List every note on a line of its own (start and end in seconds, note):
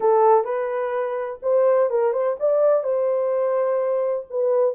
0.00 0.44 A4
0.44 1.39 B4
1.42 1.89 C5
1.90 2.12 A#4
2.12 2.36 C5
2.39 2.83 D5
2.83 4.26 C5
4.29 4.74 B4